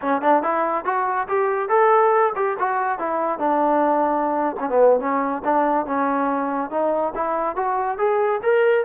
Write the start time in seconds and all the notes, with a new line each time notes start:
0.01 C#4
0.21 D4
0.43 E4
0.85 F#4
1.28 G4
1.68 A4
2.35 G4
2.59 F#4
2.98 E4
3.38 D4
4.59 C#4
4.69 B3
5.00 C#4
5.44 D4
5.85 C#4
6.70 D#4
7.15 E4
7.56 F#4
7.98 G#4
8.42 A#4